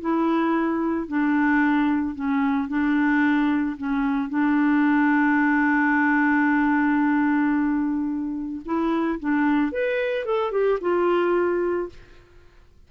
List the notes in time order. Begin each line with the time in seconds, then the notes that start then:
0.00 E4
1.07 D4
2.15 C#4
2.68 D4
3.77 C#4
4.29 D4
8.65 E4
9.19 D4
9.71 B4
10.25 A4
10.51 G4
10.81 F4